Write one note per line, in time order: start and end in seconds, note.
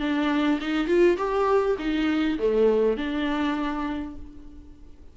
0.00 0.59 D4
0.61 0.87 D#4
0.87 1.17 F4
1.17 1.77 G4
1.79 2.38 D#4
2.39 2.97 A3
2.97 4.16 D4